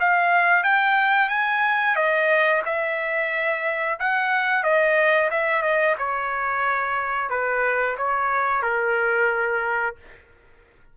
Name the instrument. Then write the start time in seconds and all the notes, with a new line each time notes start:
trumpet
0.00 F5
0.64 G5
1.29 G#5
1.96 D#5
2.65 E5
4.00 F#5
4.64 D#5
5.31 E5
5.62 D#5
5.99 C#5
7.30 B4
7.98 C#5
8.62 A#4